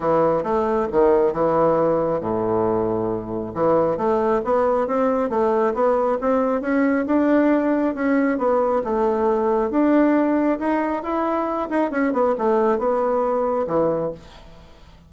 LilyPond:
\new Staff \with { instrumentName = "bassoon" } { \time 4/4 \tempo 4 = 136 e4 a4 dis4 e4~ | e4 a,2. | e4 a4 b4 c'4 | a4 b4 c'4 cis'4 |
d'2 cis'4 b4 | a2 d'2 | dis'4 e'4. dis'8 cis'8 b8 | a4 b2 e4 | }